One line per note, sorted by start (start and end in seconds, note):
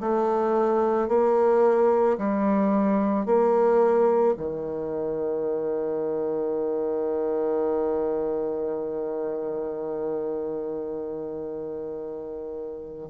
0.00 1.08 A3
1.08 2.17 A#3
2.18 3.26 G3
3.26 4.35 A#3
4.37 13.10 D#3